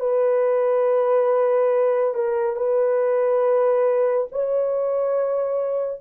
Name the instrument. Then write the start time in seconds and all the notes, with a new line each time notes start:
horn
0.00 B4
2.14 A#4
2.56 B4
4.32 C#5